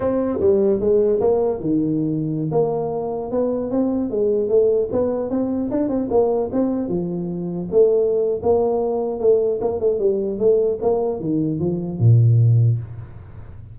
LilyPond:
\new Staff \with { instrumentName = "tuba" } { \time 4/4 \tempo 4 = 150 c'4 g4 gis4 ais4 | dis2~ dis16 ais4.~ ais16~ | ais16 b4 c'4 gis4 a8.~ | a16 b4 c'4 d'8 c'8 ais8.~ |
ais16 c'4 f2 a8.~ | a4 ais2 a4 | ais8 a8 g4 a4 ais4 | dis4 f4 ais,2 | }